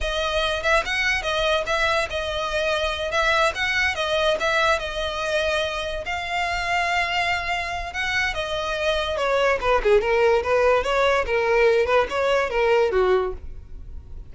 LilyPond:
\new Staff \with { instrumentName = "violin" } { \time 4/4 \tempo 4 = 144 dis''4. e''8 fis''4 dis''4 | e''4 dis''2~ dis''8 e''8~ | e''8 fis''4 dis''4 e''4 dis''8~ | dis''2~ dis''8 f''4.~ |
f''2. fis''4 | dis''2 cis''4 b'8 gis'8 | ais'4 b'4 cis''4 ais'4~ | ais'8 b'8 cis''4 ais'4 fis'4 | }